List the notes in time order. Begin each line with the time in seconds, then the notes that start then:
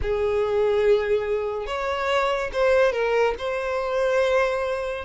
0.02 G#4
1.66 C#5
2.53 C5
2.92 A#4
3.38 C5